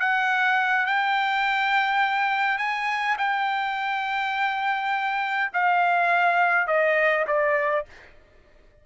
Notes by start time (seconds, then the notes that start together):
0.00 F#5
0.86 G5
2.58 G#5
3.19 G5
5.54 F5
6.68 D#5
7.28 D5